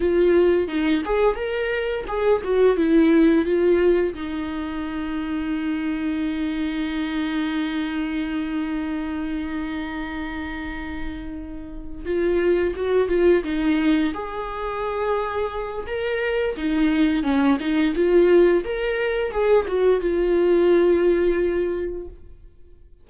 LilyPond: \new Staff \with { instrumentName = "viola" } { \time 4/4 \tempo 4 = 87 f'4 dis'8 gis'8 ais'4 gis'8 fis'8 | e'4 f'4 dis'2~ | dis'1~ | dis'1~ |
dis'4. f'4 fis'8 f'8 dis'8~ | dis'8 gis'2~ gis'8 ais'4 | dis'4 cis'8 dis'8 f'4 ais'4 | gis'8 fis'8 f'2. | }